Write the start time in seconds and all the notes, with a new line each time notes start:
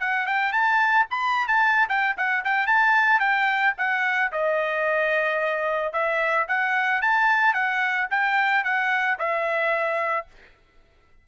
0.00 F#5
0.27 G5
0.53 A5
1.10 B5
1.48 A5
1.89 G5
2.17 F#5
2.45 G5
2.67 A5
3.20 G5
3.78 F#5
4.32 D#5
5.93 E5
6.48 F#5
7.02 A5
7.54 F#5
8.10 G5
8.64 F#5
9.19 E5